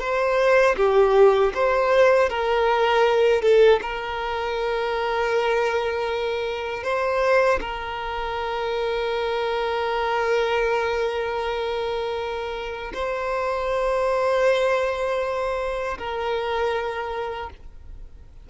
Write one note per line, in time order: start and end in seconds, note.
0.00 0.76 C5
0.77 1.53 G4
1.54 2.30 C5
2.30 3.42 A#4
3.42 3.80 A4
3.82 6.84 A#4
6.84 7.59 C5
7.61 12.92 A#4
12.94 15.98 C5
15.98 17.50 A#4